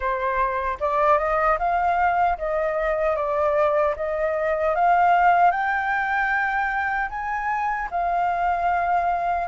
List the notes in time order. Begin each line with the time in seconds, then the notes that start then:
0.00 C5
0.80 D5
1.18 D#5
1.58 F5
2.38 D#5
3.16 D5
3.96 D#5
4.75 F5
5.51 G5
7.09 G#5
7.90 F5